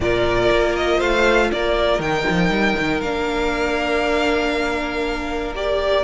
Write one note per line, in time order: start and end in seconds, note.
0.00 0.49 A#2
0.00 2.03 F4
0.00 0.97 A#4
0.00 0.76 D5
0.50 1.01 A#3
0.76 1.00 D#5
0.97 1.51 A3
0.97 1.47 C5
0.97 1.50 F5
1.51 1.99 A#3
1.51 6.03 A#4
1.51 2.01 D5
1.99 2.24 D#3
1.99 3.03 D#4
1.99 3.01 G5
2.29 2.49 F3
2.49 2.74 G3
2.79 3.02 D#3
3.01 6.03 A#3
3.01 5.54 D4
3.01 5.53 F5
5.54 6.03 G4
5.54 6.03 D5